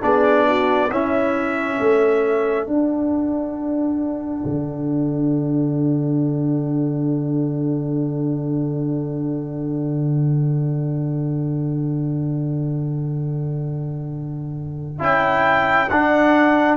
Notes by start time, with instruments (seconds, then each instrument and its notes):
0.00 tuba B3, trombone D4, horn G#4, trumpet D5
0.47 horn F#4
0.90 tuba C#4, trombone C#4, horn E4, trumpet E5
1.78 tuba A3, horn A4
2.67 trombone D4, tuba D4, trumpet F#5
4.44 tuba D3
14.98 tuba C#4, trombone E4, trumpet G5
15.89 tuba D4, trombone D4, trumpet F#5